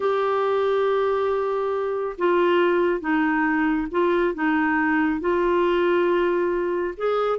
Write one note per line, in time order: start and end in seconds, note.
0.00 2.16 G4
2.18 3.00 F4
3.00 3.87 D#4
3.91 4.34 F4
4.34 5.20 D#4
5.20 6.94 F4
6.97 7.38 G#4